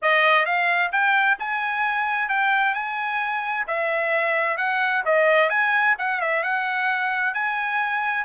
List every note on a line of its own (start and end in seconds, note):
0.02 0.45 D#5
0.45 0.91 F5
0.92 1.37 G5
1.39 2.28 G#5
2.28 2.74 G5
2.74 3.66 G#5
3.67 4.57 E5
4.57 5.03 F#5
5.05 5.49 D#5
5.49 5.95 G#5
5.98 6.20 F#5
6.20 6.43 E5
6.43 7.34 F#5
7.34 8.24 G#5